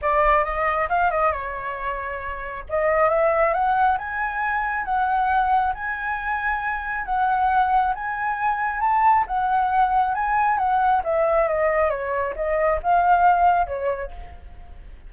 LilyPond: \new Staff \with { instrumentName = "flute" } { \time 4/4 \tempo 4 = 136 d''4 dis''4 f''8 dis''8 cis''4~ | cis''2 dis''4 e''4 | fis''4 gis''2 fis''4~ | fis''4 gis''2. |
fis''2 gis''2 | a''4 fis''2 gis''4 | fis''4 e''4 dis''4 cis''4 | dis''4 f''2 cis''4 | }